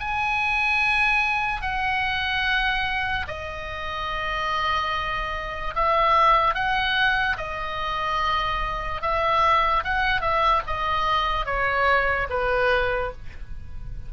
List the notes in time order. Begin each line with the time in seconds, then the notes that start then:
0.00 G#5
1.62 F#5
3.28 D#5
5.75 E5
6.55 F#5
7.37 D#5
9.01 E5
9.84 F#5
10.21 E5
10.67 D#5
11.45 C#5
12.30 B4